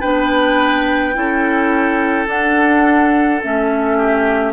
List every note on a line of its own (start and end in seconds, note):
0.00 1.16 B3
0.00 1.13 D4
0.00 1.13 B4
0.00 2.27 G5
1.13 2.27 C#4
1.13 2.26 E4
1.13 3.97 A4
2.26 3.39 D4
2.26 3.40 D4
2.26 3.42 F#5
3.43 4.52 A3
3.43 4.52 C#4
3.43 4.52 E5
3.97 4.52 G4